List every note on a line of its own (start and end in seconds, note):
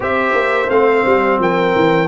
0.00 0.33 C4
0.00 0.67 G4
0.00 1.39 C5
0.00 0.69 E5
0.33 0.67 A#3
0.69 1.04 A3
0.69 2.08 C4
0.69 1.39 F5
1.05 1.39 G3
1.39 1.74 F3
1.39 2.08 A#4
1.39 2.08 G5
1.75 2.08 E3